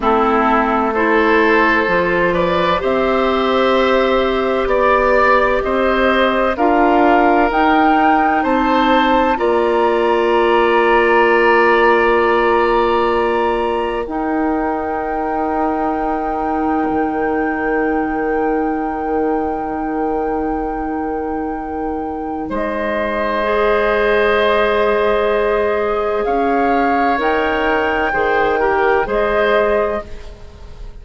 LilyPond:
<<
  \new Staff \with { instrumentName = "flute" } { \time 4/4 \tempo 4 = 64 a'4 c''4. d''8 e''4~ | e''4 d''4 dis''4 f''4 | g''4 a''4 ais''2~ | ais''2. g''4~ |
g''1~ | g''1 | dis''1 | f''4 g''2 dis''4 | }
  \new Staff \with { instrumentName = "oboe" } { \time 4/4 e'4 a'4. b'8 c''4~ | c''4 d''4 c''4 ais'4~ | ais'4 c''4 d''2~ | d''2. ais'4~ |
ais'1~ | ais'1 | c''1 | cis''2 c''8 ais'8 c''4 | }
  \new Staff \with { instrumentName = "clarinet" } { \time 4/4 c'4 e'4 f'4 g'4~ | g'2. f'4 | dis'2 f'2~ | f'2. dis'4~ |
dis'1~ | dis'1~ | dis'4 gis'2.~ | gis'4 ais'4 gis'8 g'8 gis'4 | }
  \new Staff \with { instrumentName = "bassoon" } { \time 4/4 a2 f4 c'4~ | c'4 b4 c'4 d'4 | dis'4 c'4 ais2~ | ais2. dis'4~ |
dis'2 dis2~ | dis1 | gis1 | cis'4 dis'4 dis4 gis4 | }
>>